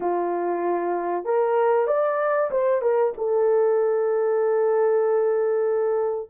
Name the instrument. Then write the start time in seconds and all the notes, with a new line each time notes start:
horn
0.00 F4
1.24 A#4
1.87 D5
2.50 C5
2.81 A#4
3.17 A4